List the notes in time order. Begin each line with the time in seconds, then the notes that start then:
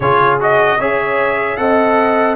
0.00 C#3 F4 G#4 C#5
0.40 F#4 D#5
0.77 C#4 G#4 C#5 E5
1.57 C4 A4 D#5 F#5